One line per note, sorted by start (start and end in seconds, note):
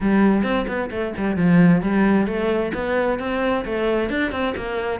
0.00 0.43 G3
0.43 0.66 C4
0.67 0.90 B3
0.90 1.13 A3
1.17 1.36 G3
1.36 1.82 F3
1.82 2.26 G3
2.26 2.72 A3
2.74 3.19 B3
3.19 3.64 C4
3.65 4.09 A3
4.09 4.31 D4
4.31 4.54 C4
4.56 5.00 A#3